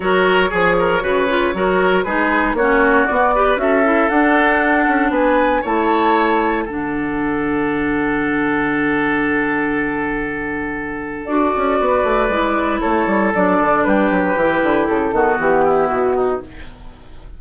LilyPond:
<<
  \new Staff \with { instrumentName = "flute" } { \time 4/4 \tempo 4 = 117 cis''1 | b'4 cis''4 d''4 e''4 | fis''2 gis''4 a''4~ | a''4 fis''2.~ |
fis''1~ | fis''2 d''2~ | d''4 cis''4 d''4 b'4~ | b'4 a'4 g'4 fis'4 | }
  \new Staff \with { instrumentName = "oboe" } { \time 4/4 ais'4 gis'8 ais'8 b'4 ais'4 | gis'4 fis'4. b'8 a'4~ | a'2 b'4 cis''4~ | cis''4 a'2.~ |
a'1~ | a'2. b'4~ | b'4 a'2 g'4~ | g'4. fis'4 e'4 dis'8 | }
  \new Staff \with { instrumentName = "clarinet" } { \time 4/4 fis'4 gis'4 fis'8 f'8 fis'4 | dis'4 cis'4 b8 g'8 fis'8 e'8 | d'2. e'4~ | e'4 d'2.~ |
d'1~ | d'2 fis'2 | e'2 d'2 | e'4. b2~ b8 | }
  \new Staff \with { instrumentName = "bassoon" } { \time 4/4 fis4 f4 cis4 fis4 | gis4 ais4 b4 cis'4 | d'4. cis'8 b4 a4~ | a4 d2.~ |
d1~ | d2 d'8 cis'8 b8 a8 | gis4 a8 g8 fis8 d8 g8 fis8 | e8 d8 cis8 dis8 e4 b,4 | }
>>